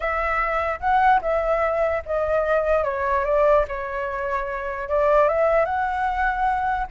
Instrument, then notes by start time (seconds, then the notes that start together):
flute
0.00 E5
0.80 F#5
1.21 E5
2.05 D#5
2.84 C#5
3.24 D5
3.67 C#5
4.88 D5
5.28 E5
5.65 F#5